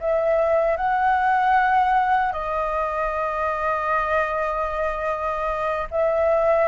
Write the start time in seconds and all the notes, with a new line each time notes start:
0.00 E5
0.77 F#5
2.33 D#5
5.91 E5